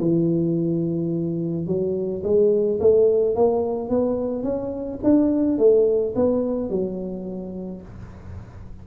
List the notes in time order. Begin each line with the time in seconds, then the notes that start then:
0.00 E3
1.67 F#3
2.24 G#3
2.80 A3
3.36 A#3
3.90 B3
4.44 C#4
5.04 D4
5.58 A3
6.16 B3
6.70 F#3